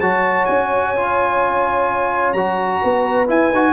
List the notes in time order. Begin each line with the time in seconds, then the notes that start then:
0.00 F#3 F#4 C#5 A5
0.46 C#4 G#5
0.96 F4
2.33 F#3 F#4 A#5
2.82 B3 B4
3.28 E4 G#5
3.51 D#4 F#4